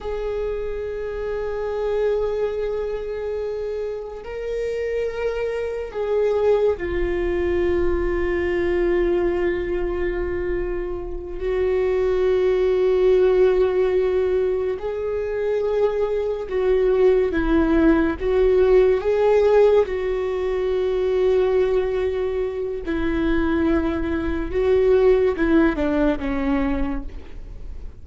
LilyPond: \new Staff \with { instrumentName = "viola" } { \time 4/4 \tempo 4 = 71 gis'1~ | gis'4 ais'2 gis'4 | f'1~ | f'4. fis'2~ fis'8~ |
fis'4. gis'2 fis'8~ | fis'8 e'4 fis'4 gis'4 fis'8~ | fis'2. e'4~ | e'4 fis'4 e'8 d'8 cis'4 | }